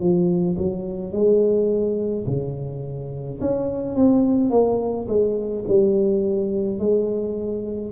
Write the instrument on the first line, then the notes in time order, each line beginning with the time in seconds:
tuba
0.00 F3
0.58 F#3
1.13 G#3
2.27 C#3
3.41 C#4
3.96 C4
4.50 A#3
5.08 G#3
5.68 G3
6.79 G#3